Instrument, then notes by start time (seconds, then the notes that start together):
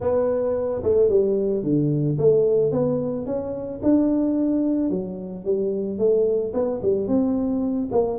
tuba
0.00 B3
0.83 A3
1.09 G3
1.63 D3
2.18 A3
2.71 B3
3.26 C#4
3.82 D4
4.90 F#3
5.44 G3
5.98 A3
6.53 B3
6.82 G3
7.07 C4
7.91 A#3